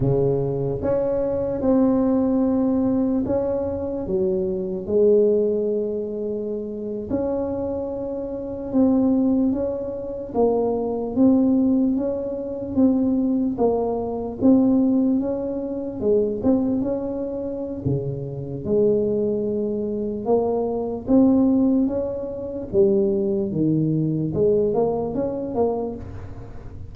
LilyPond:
\new Staff \with { instrumentName = "tuba" } { \time 4/4 \tempo 4 = 74 cis4 cis'4 c'2 | cis'4 fis4 gis2~ | gis8. cis'2 c'4 cis'16~ | cis'8. ais4 c'4 cis'4 c'16~ |
c'8. ais4 c'4 cis'4 gis16~ | gis16 c'8 cis'4~ cis'16 cis4 gis4~ | gis4 ais4 c'4 cis'4 | g4 dis4 gis8 ais8 cis'8 ais8 | }